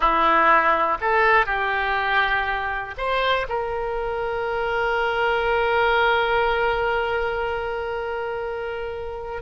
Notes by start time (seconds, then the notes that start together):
0.00 E4
1.00 A4
1.46 G4
2.97 C5
3.48 A#4